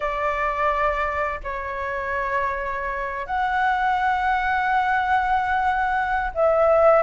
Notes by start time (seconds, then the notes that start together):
0.00 D5
1.43 C#5
3.26 F#5
6.34 E5